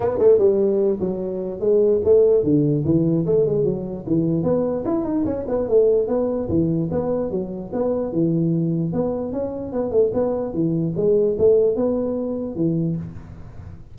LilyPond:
\new Staff \with { instrumentName = "tuba" } { \time 4/4 \tempo 4 = 148 b8 a8 g4. fis4. | gis4 a4 d4 e4 | a8 gis8 fis4 e4 b4 | e'8 dis'8 cis'8 b8 a4 b4 |
e4 b4 fis4 b4 | e2 b4 cis'4 | b8 a8 b4 e4 gis4 | a4 b2 e4 | }